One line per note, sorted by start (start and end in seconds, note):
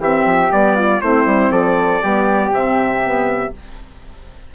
0.00 0.25 E3
0.00 0.50 C4
0.00 0.76 G4
0.00 0.52 E5
0.26 0.51 F3
0.50 1.02 G3
0.50 1.01 B3
0.50 1.02 D5
0.76 1.01 F4
1.02 1.26 A3
1.02 2.02 C4
1.02 1.53 E4
1.02 1.52 C5
1.26 1.51 G3
1.51 2.01 F3
1.51 2.03 A4
1.51 2.53 D5
2.02 2.51 G3
2.02 2.52 B3
2.02 3.54 G4
2.51 3.52 C3
2.51 3.03 C4
2.51 3.55 E5
3.03 3.54 B3